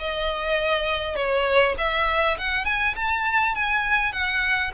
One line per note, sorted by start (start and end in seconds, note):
0.00 1.16 D#5
1.16 1.76 C#5
1.78 2.38 E5
2.39 2.65 F#5
2.65 2.95 G#5
2.96 3.56 A5
3.56 4.13 G#5
4.13 4.72 F#5